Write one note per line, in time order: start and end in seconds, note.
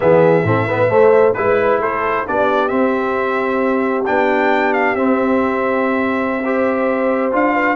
0.00 0.43 E3
0.00 0.42 B3
0.00 0.46 G#4
0.00 1.33 E5
0.43 0.88 A2
0.43 0.68 C4
0.43 0.67 A4
0.67 0.88 B3
0.67 0.89 B4
0.88 1.33 A3
0.88 1.35 A3
0.88 1.35 C5
1.33 1.79 G#3
1.33 2.27 E4
1.33 1.78 B4
1.33 1.81 B4
1.79 2.24 A3
1.79 2.26 A4
1.79 2.26 C5
2.26 2.71 B3
2.26 2.69 D4
2.26 6.43 G4
2.26 2.68 D5
2.68 4.04 C4
2.68 4.06 C4
2.68 4.03 E5
4.05 4.95 B3
4.05 4.96 D4
4.05 4.73 G5
4.73 4.95 F5
4.95 7.32 C4
4.95 6.43 C4
4.95 7.32 E5
6.43 7.31 G4
6.43 7.54 C5
7.31 7.75 D4
7.31 7.75 F4
7.31 7.75 F5
7.54 7.75 B4